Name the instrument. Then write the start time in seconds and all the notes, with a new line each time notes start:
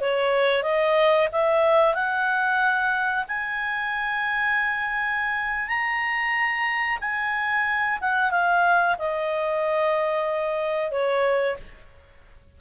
clarinet
0.00 C#5
0.63 D#5
1.32 E5
1.94 F#5
3.28 G#5
5.67 A#5
7.00 G#5
8.00 F#5
8.31 F5
8.98 D#5
10.91 C#5